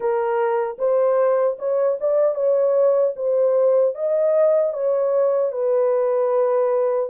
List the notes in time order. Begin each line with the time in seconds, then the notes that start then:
0.00 A#4
0.78 C5
1.58 C#5
2.00 D5
2.34 C#5
3.15 C5
3.94 D#5
4.73 C#5
5.52 B4